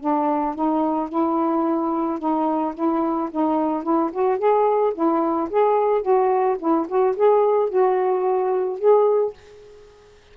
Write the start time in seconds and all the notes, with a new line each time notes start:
0.00 D4
0.55 D#4
1.09 E4
2.19 D#4
2.74 E4
3.31 D#4
3.83 E4
4.12 F#4
4.38 G#4
4.94 E4
5.50 G#4
6.02 F#4
6.59 E4
6.88 F#4
7.16 G#4
7.69 F#4
8.78 G#4